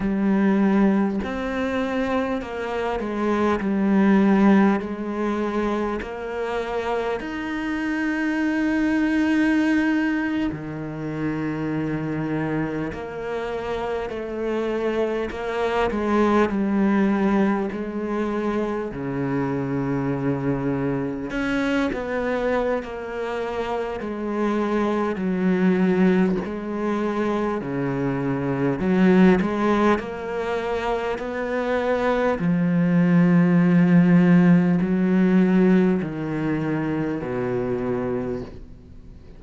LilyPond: \new Staff \with { instrumentName = "cello" } { \time 4/4 \tempo 4 = 50 g4 c'4 ais8 gis8 g4 | gis4 ais4 dis'2~ | dis'8. dis2 ais4 a16~ | a8. ais8 gis8 g4 gis4 cis16~ |
cis4.~ cis16 cis'8 b8. ais4 | gis4 fis4 gis4 cis4 | fis8 gis8 ais4 b4 f4~ | f4 fis4 dis4 b,4 | }